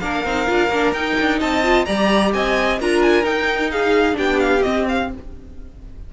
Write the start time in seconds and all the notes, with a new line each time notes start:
0.00 A#3 D4 A#4 F5
0.25 C4 D#4
0.47 D4 F4
0.69 A#3 D4
0.93 D#4 G5
1.21 D4
1.40 C4 D#5 A5
1.64 F4
1.86 G3 G4 D5 A#5
2.34 C4 D#5 G#5
2.81 D4 F4 A#4 A#5
3.03 G#5
3.24 D#4 G5
3.72 G#4 F5
4.13 B3 D4 G4 G5
4.40 F5
4.62 C4 D#5
4.89 F5